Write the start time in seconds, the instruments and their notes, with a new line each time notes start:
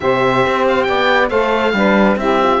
0.00 cello C3, horn G4, saxophone C5, oboe E5
0.45 cello C4
0.67 oboe F5
0.83 cello B3, saxophone D5, oboe G5
1.29 cello A3, horn A4, saxophone C5, oboe F5
1.73 cello G3, horn D4, saxophone B4
2.16 cello C4, horn E4, saxophone G4, oboe E5
2.43 horn F4